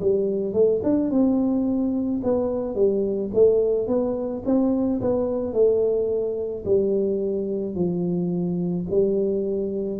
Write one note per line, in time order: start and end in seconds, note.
0.00 0.54 G3
0.54 0.81 A3
0.83 1.10 D4
1.10 2.21 C4
2.24 2.75 B3
2.75 3.31 G3
3.34 3.87 A3
3.87 4.43 B3
4.45 5.01 C4
5.01 5.53 B3
5.53 6.64 A3
6.65 7.75 G3
7.75 8.86 F3
8.90 9.99 G3